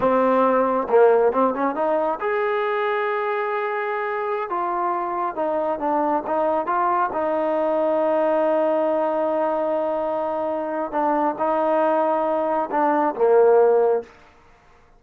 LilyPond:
\new Staff \with { instrumentName = "trombone" } { \time 4/4 \tempo 4 = 137 c'2 ais4 c'8 cis'8 | dis'4 gis'2.~ | gis'2~ gis'16 f'4.~ f'16~ | f'16 dis'4 d'4 dis'4 f'8.~ |
f'16 dis'2.~ dis'8.~ | dis'1~ | dis'4 d'4 dis'2~ | dis'4 d'4 ais2 | }